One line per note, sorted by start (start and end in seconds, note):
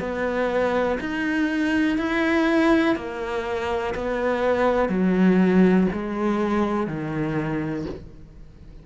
0.00 0.98 B3
1.01 1.98 D#4
1.98 2.96 E4
2.96 3.95 A#3
3.95 4.90 B3
4.90 5.88 F#3
5.93 6.87 G#3
6.87 7.86 D#3